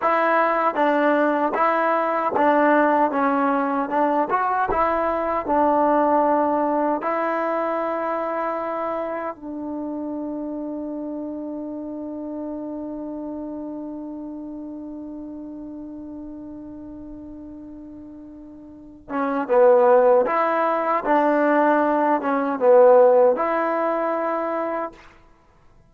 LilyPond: \new Staff \with { instrumentName = "trombone" } { \time 4/4 \tempo 4 = 77 e'4 d'4 e'4 d'4 | cis'4 d'8 fis'8 e'4 d'4~ | d'4 e'2. | d'1~ |
d'1~ | d'1~ | d'8 cis'8 b4 e'4 d'4~ | d'8 cis'8 b4 e'2 | }